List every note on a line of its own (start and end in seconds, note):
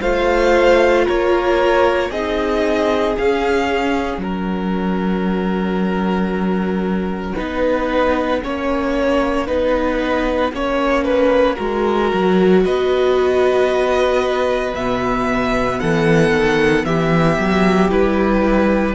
0.00 1.06 A3
0.00 2.12 F4
0.00 1.05 C5
0.00 1.07 F5
1.05 2.10 A#3
1.05 2.10 A#4
1.05 2.11 C#5
2.10 3.15 C4
2.10 3.16 D#4
2.10 4.21 G#4
2.10 3.16 D#5
3.16 7.36 C#4
3.16 4.17 C#4
3.16 4.23 F5
4.17 7.33 F#3
4.17 7.35 A#4
4.17 12.65 F#5
7.35 8.44 B3
7.35 8.41 D#4
7.35 8.40 B4
8.42 9.49 A#3
8.42 9.47 C#4
8.42 9.47 C#5
9.47 10.52 B3
9.47 10.52 D#4
9.47 10.52 B4
10.52 11.57 A#3
10.52 11.56 C#4
10.52 11.04 C#5
11.04 11.55 B4
11.55 12.12 G#3
11.55 14.72 F#4
11.55 12.61 A#4
12.13 12.65 F#3
12.65 14.74 B3
12.65 15.80 B4
12.65 14.74 D#5
14.74 15.79 B2
14.74 17.90 B3
14.74 15.80 E5
15.80 16.31 E3
15.80 16.85 A4
15.80 16.85 F#5
16.31 16.83 D#3
16.85 17.38 E3
16.85 18.95 G4
16.85 17.90 E5
17.38 17.91 F#3
17.90 18.95 G3
17.90 18.95 E4
17.90 18.95 B4